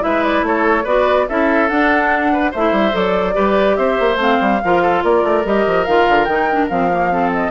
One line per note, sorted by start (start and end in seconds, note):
0.00 0.43 G#3
0.00 0.83 E4
0.00 0.46 B4
0.00 0.24 E5
0.24 0.44 D5
0.43 0.84 A3
0.43 0.84 A4
0.43 0.87 C#5
0.84 1.28 B3
0.84 1.28 F#4
0.84 1.26 B4
0.84 1.28 D5
1.29 1.71 C#4
1.29 1.70 E4
1.29 2.33 A4
1.29 1.69 E5
1.69 2.53 D4
1.69 2.54 D4
1.69 2.52 F#5
2.33 2.51 B4
2.51 2.72 A3
2.51 2.92 E4
2.51 3.35 C5
2.51 2.96 E5
2.72 2.93 G3
2.92 3.36 F#3
2.92 3.34 A4
2.92 3.77 D5
3.34 3.78 G3
3.34 4.17 G4
3.34 3.77 B4
3.77 3.99 C4
3.77 4.62 C5
3.77 4.18 E5
4.00 4.16 A#3
4.16 4.37 A3
4.16 4.60 C4
4.16 5.04 F5
4.41 4.62 G3
4.64 5.04 F3
4.64 5.45 F4
4.64 4.82 A#4
4.82 5.03 A4
5.04 5.24 A#3
5.04 7.12 A#4
5.04 5.46 D5
5.24 5.45 A3
5.45 5.67 G3
5.45 5.86 G4
5.45 5.86 D#5
5.67 5.87 F3
5.86 6.08 D#3
5.86 6.29 F4
5.86 6.25 F5
6.09 6.28 D3
6.25 6.69 D#3
6.25 6.50 D#4
6.25 6.67 G5
6.51 6.70 D4
6.69 7.51 F3
6.69 6.91 C4
6.69 7.32 F5
6.92 7.12 A#3
7.12 7.51 C4
7.12 7.51 A4
7.33 7.51 D#5